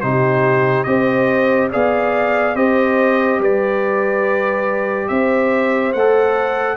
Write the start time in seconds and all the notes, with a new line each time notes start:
0.00 C3 D#4 G4 C5
0.83 C4 G4 C5 D#5
1.71 B3 G#4 D5 F5
2.55 C4 G4 C5 D#5
3.39 G3 B4 D5
5.08 C4 C5 E5
5.93 A3 F#5
5.99 A4